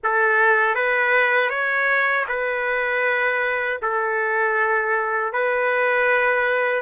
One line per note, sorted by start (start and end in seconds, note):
0.03 0.75 A4
0.75 1.49 B4
1.49 2.25 C#5
2.28 3.80 B4
3.82 5.32 A4
5.32 6.81 B4